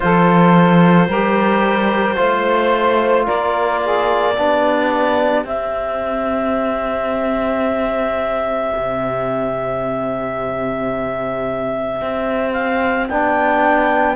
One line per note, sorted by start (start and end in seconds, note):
0.00 1.08 F3
0.00 1.07 F4
0.00 1.07 A4
0.00 3.26 C5
1.07 2.17 G3
1.07 2.15 G4
1.07 2.17 A#4
2.15 3.27 A3
2.15 4.34 F4
2.15 3.25 C5
3.25 4.37 A#3
3.25 3.80 A#4
3.25 5.45 D5
3.84 4.34 G#4
4.34 5.44 B3
4.34 5.44 D4
4.34 14.15 G4
5.44 8.71 C4
5.44 13.08 C4
5.44 12.52 E5
8.76 12.01 C3
12.01 13.10 C4
12.52 13.07 F5
13.07 14.15 B3
13.07 14.15 D4
13.07 14.15 G5